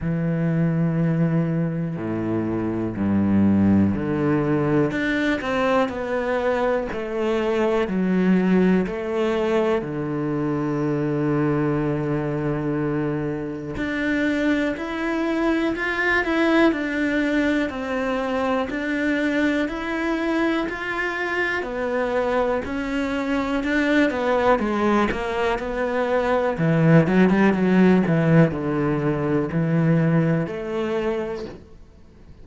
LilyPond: \new Staff \with { instrumentName = "cello" } { \time 4/4 \tempo 4 = 61 e2 a,4 g,4 | d4 d'8 c'8 b4 a4 | fis4 a4 d2~ | d2 d'4 e'4 |
f'8 e'8 d'4 c'4 d'4 | e'4 f'4 b4 cis'4 | d'8 b8 gis8 ais8 b4 e8 fis16 g16 | fis8 e8 d4 e4 a4 | }